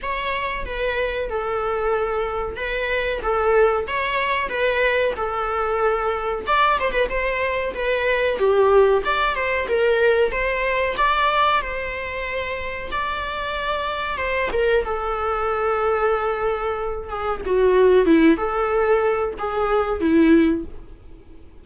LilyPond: \new Staff \with { instrumentName = "viola" } { \time 4/4 \tempo 4 = 93 cis''4 b'4 a'2 | b'4 a'4 cis''4 b'4 | a'2 d''8 c''16 b'16 c''4 | b'4 g'4 d''8 c''8 ais'4 |
c''4 d''4 c''2 | d''2 c''8 ais'8 a'4~ | a'2~ a'8 gis'8 fis'4 | e'8 a'4. gis'4 e'4 | }